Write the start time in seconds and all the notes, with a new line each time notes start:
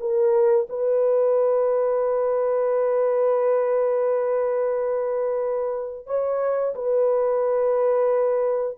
0.00 A#4
0.69 B4
6.07 C#5
6.75 B4